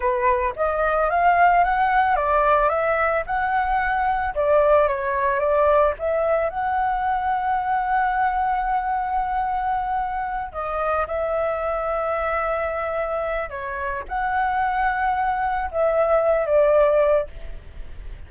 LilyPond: \new Staff \with { instrumentName = "flute" } { \time 4/4 \tempo 4 = 111 b'4 dis''4 f''4 fis''4 | d''4 e''4 fis''2 | d''4 cis''4 d''4 e''4 | fis''1~ |
fis''2.~ fis''8 dis''8~ | dis''8 e''2.~ e''8~ | e''4 cis''4 fis''2~ | fis''4 e''4. d''4. | }